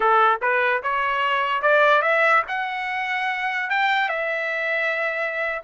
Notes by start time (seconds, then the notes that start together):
0.00 A4
0.41 B4
0.83 C#5
1.62 D5
2.02 E5
2.48 F#5
3.69 G5
4.08 E5